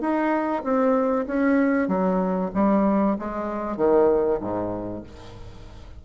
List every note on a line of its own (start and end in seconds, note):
0.00 0.62 D#4
0.63 1.26 C4
1.26 1.88 C#4
1.88 2.50 F#3
2.54 3.16 G3
3.18 3.76 G#3
3.76 4.39 D#3
4.40 5.03 G#2